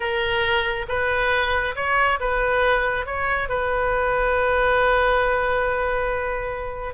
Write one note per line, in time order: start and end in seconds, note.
0.00 0.85 A#4
0.88 1.75 B4
1.75 2.19 C#5
2.20 3.06 B4
3.06 3.48 C#5
3.48 6.94 B4